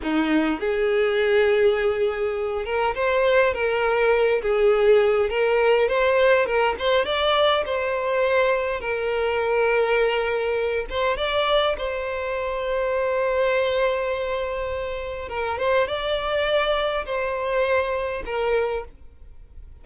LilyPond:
\new Staff \with { instrumentName = "violin" } { \time 4/4 \tempo 4 = 102 dis'4 gis'2.~ | gis'8 ais'8 c''4 ais'4. gis'8~ | gis'4 ais'4 c''4 ais'8 c''8 | d''4 c''2 ais'4~ |
ais'2~ ais'8 c''8 d''4 | c''1~ | c''2 ais'8 c''8 d''4~ | d''4 c''2 ais'4 | }